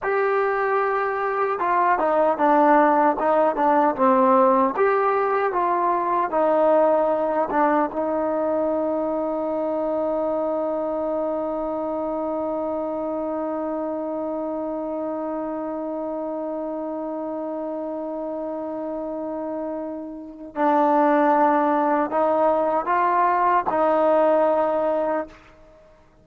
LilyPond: \new Staff \with { instrumentName = "trombone" } { \time 4/4 \tempo 4 = 76 g'2 f'8 dis'8 d'4 | dis'8 d'8 c'4 g'4 f'4 | dis'4. d'8 dis'2~ | dis'1~ |
dis'1~ | dis'1~ | dis'2 d'2 | dis'4 f'4 dis'2 | }